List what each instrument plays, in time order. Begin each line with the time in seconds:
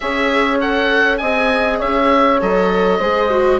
0.00 bassoon C#4, viola G#4, horn C#5, oboe E5
0.60 viola A4, oboe F#5
1.17 bassoon C4, viola G#4, horn D#5, oboe G#5
1.79 bassoon C#4, horn C#5, oboe E5
2.41 bassoon F#3, viola A4, oboe D#5
2.99 bassoon G#3, viola G#4, horn C5
3.29 viola F#4